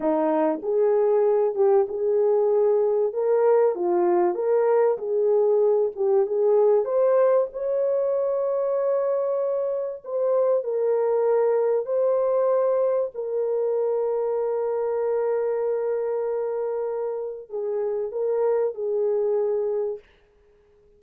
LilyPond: \new Staff \with { instrumentName = "horn" } { \time 4/4 \tempo 4 = 96 dis'4 gis'4. g'8 gis'4~ | gis'4 ais'4 f'4 ais'4 | gis'4. g'8 gis'4 c''4 | cis''1 |
c''4 ais'2 c''4~ | c''4 ais'2.~ | ais'1 | gis'4 ais'4 gis'2 | }